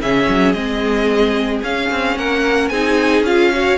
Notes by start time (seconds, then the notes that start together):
0.00 C#3 C#4 G#4 E5
0.28 F#3
0.52 G#3 C4 D#5
1.62 C#4 F5
1.90 C4
2.16 A#3 A#4 F#5
2.68 C4 D#4 G#4 G#5
3.21 C#4 F4 F5
3.52 F#4 C#5